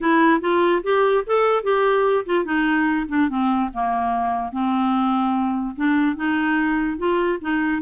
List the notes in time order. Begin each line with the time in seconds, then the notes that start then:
0.01 E4
0.40 F4
0.83 G4
1.26 A4
1.63 G4
2.25 F4
2.45 D#4
3.08 D4
3.29 C4
3.73 A#3
4.52 C4
5.76 D4
6.16 D#4
6.98 F4
7.41 D#4